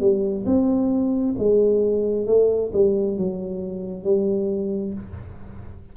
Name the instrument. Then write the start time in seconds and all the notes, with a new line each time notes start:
tuba
0.00 G3
0.46 C4
1.38 G#3
2.27 A3
2.73 G3
3.18 F#3
4.04 G3